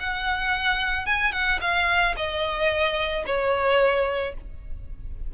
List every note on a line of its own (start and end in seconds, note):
0.00 1.06 F#5
1.06 1.33 G#5
1.33 1.60 F#5
1.61 2.15 F5
2.17 3.25 D#5
3.27 4.35 C#5